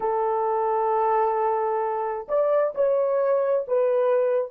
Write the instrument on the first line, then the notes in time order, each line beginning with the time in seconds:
horn
0.00 A4
2.28 D5
2.74 C#5
3.67 B4